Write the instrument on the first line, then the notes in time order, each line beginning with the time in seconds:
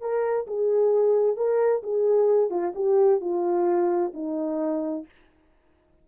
horn
0.00 A#4
0.47 G#4
1.36 A#4
1.82 G#4
2.50 F4
2.75 G4
3.20 F4
4.13 D#4